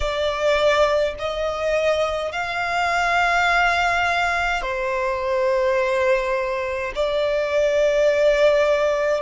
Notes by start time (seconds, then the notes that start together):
0.00 D5
1.19 D#5
2.31 F5
4.62 C5
6.95 D5